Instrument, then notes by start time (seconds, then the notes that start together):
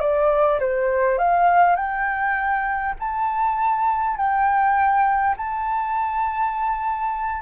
flute
0.00 D5
0.60 C5
1.19 F5
1.76 G5
3.00 A5
4.17 G5
5.37 A5